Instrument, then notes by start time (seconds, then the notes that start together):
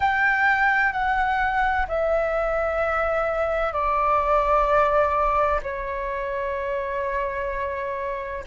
flute
0.00 G5
0.92 F#5
1.87 E5
3.72 D5
5.62 C#5